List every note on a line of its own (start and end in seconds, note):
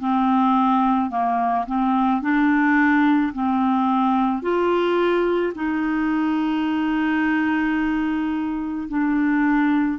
0.00 1.11 C4
1.11 1.66 A#3
1.67 2.22 C4
2.22 3.33 D4
3.34 4.42 C4
4.42 5.54 F4
5.56 8.89 D#4
8.89 9.99 D4